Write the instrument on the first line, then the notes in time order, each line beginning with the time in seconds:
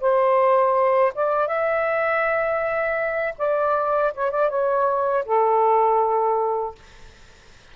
saxophone
0.00 C5
1.14 D5
1.47 E5
3.38 D5
4.14 C#5
4.31 D5
4.49 C#5
5.25 A4